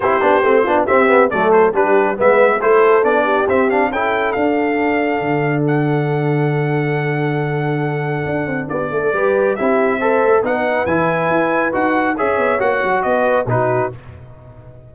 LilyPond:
<<
  \new Staff \with { instrumentName = "trumpet" } { \time 4/4 \tempo 4 = 138 c''2 e''4 d''8 c''8 | b'4 e''4 c''4 d''4 | e''8 f''8 g''4 f''2~ | f''4 fis''2.~ |
fis''1 | d''2 e''2 | fis''4 gis''2 fis''4 | e''4 fis''4 dis''4 b'4 | }
  \new Staff \with { instrumentName = "horn" } { \time 4/4 g'4. f'8 g'4 a'4 | g'4 b'4 a'4. g'8~ | g'4 a'2.~ | a'1~ |
a'1 | g'8 a'8 b'4 g'4 c''4 | b'1 | cis''2 b'4 fis'4 | }
  \new Staff \with { instrumentName = "trombone" } { \time 4/4 e'8 d'8 c'8 d'8 c'8 b8 a4 | d'4 b4 e'4 d'4 | c'8 d'8 e'4 d'2~ | d'1~ |
d'1~ | d'4 g'4 e'4 a'4 | dis'4 e'2 fis'4 | gis'4 fis'2 dis'4 | }
  \new Staff \with { instrumentName = "tuba" } { \time 4/4 c'8 b8 a8 b8 c'4 fis4 | g4 gis4 a4 b4 | c'4 cis'4 d'2 | d1~ |
d2. d'8 c'8 | b8 a8 g4 c'4. a8 | b4 e4 e'4 dis'4 | cis'8 b8 ais8 fis8 b4 b,4 | }
>>